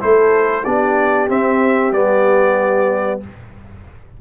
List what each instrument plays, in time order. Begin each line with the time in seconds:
0.00 tuba A3, trombone E4, horn A4, trumpet C5
0.65 tuba B3, trombone D4, horn G4, trumpet D5
1.29 trombone C4, tuba C4, trumpet E5
1.92 tuba G3, trombone B3, trumpet D5